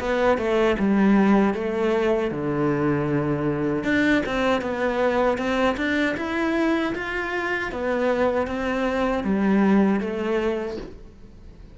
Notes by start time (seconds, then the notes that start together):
0.00 B3
0.38 A3
0.79 G3
1.54 A3
2.31 D3
3.84 D4
4.26 C4
4.62 B3
5.38 C4
5.77 D4
6.17 E4
6.95 F4
7.72 B3
8.47 C4
9.24 G3
10.00 A3